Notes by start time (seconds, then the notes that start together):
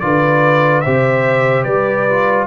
0.00 D3 F4 B4 D5
0.81 C3 G4 C5 E5
1.63 G3 B4 D5
2.09 F4